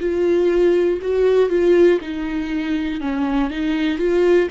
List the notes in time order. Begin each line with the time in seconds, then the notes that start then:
0.00 F4
1.02 F#4
1.50 F4
2.01 D#4
3.00 C#4
3.50 D#4
3.99 F4